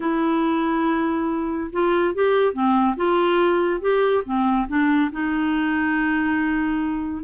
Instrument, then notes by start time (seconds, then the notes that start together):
clarinet
0.00 E4
1.72 F4
2.14 G4
2.53 C4
2.96 F4
3.81 G4
4.24 C4
4.68 D4
5.12 D#4